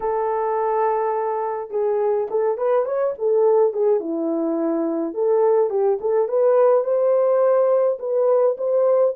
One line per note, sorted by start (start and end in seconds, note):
0.00 1.70 A4
1.70 2.27 G#4
2.30 2.57 A4
2.57 2.85 B4
2.85 3.13 C#5
3.18 3.73 A4
3.73 3.99 G#4
3.99 5.14 E4
5.14 5.70 A4
5.70 5.98 G4
6.01 6.28 A4
6.28 6.83 B4
6.83 7.98 C5
7.99 8.56 B4
8.57 9.14 C5